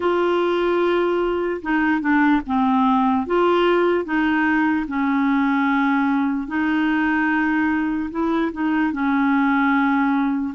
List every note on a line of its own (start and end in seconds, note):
0.00 1.61 F4
1.62 2.00 D#4
2.00 2.41 D4
2.46 3.26 C4
3.26 4.04 F4
4.04 4.85 D#4
4.87 6.47 C#4
6.47 8.09 D#4
8.10 8.51 E4
8.52 8.92 D#4
8.92 10.54 C#4